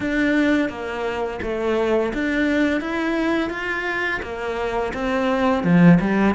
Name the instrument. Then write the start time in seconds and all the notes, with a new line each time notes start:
cello
0.00 D4
0.69 A#3
1.41 A3
2.13 D4
2.80 E4
3.50 F4
4.22 A#3
4.93 C4
5.63 F3
6.00 G3